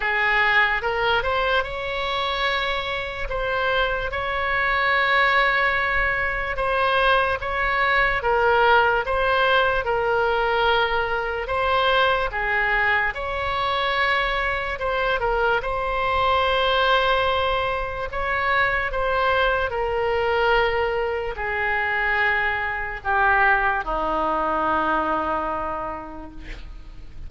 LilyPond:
\new Staff \with { instrumentName = "oboe" } { \time 4/4 \tempo 4 = 73 gis'4 ais'8 c''8 cis''2 | c''4 cis''2. | c''4 cis''4 ais'4 c''4 | ais'2 c''4 gis'4 |
cis''2 c''8 ais'8 c''4~ | c''2 cis''4 c''4 | ais'2 gis'2 | g'4 dis'2. | }